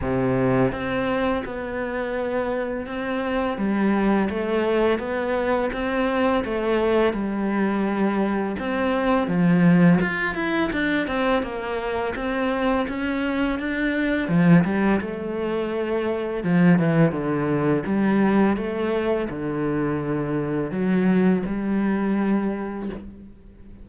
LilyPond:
\new Staff \with { instrumentName = "cello" } { \time 4/4 \tempo 4 = 84 c4 c'4 b2 | c'4 g4 a4 b4 | c'4 a4 g2 | c'4 f4 f'8 e'8 d'8 c'8 |
ais4 c'4 cis'4 d'4 | f8 g8 a2 f8 e8 | d4 g4 a4 d4~ | d4 fis4 g2 | }